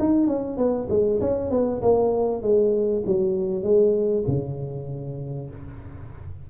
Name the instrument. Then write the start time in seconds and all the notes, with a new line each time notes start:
tuba
0.00 D#4
0.28 C#4
0.58 B3
0.90 G#3
1.21 C#4
1.51 B3
1.83 A#3
2.43 G#3
3.07 F#3
3.63 G#3
4.28 C#3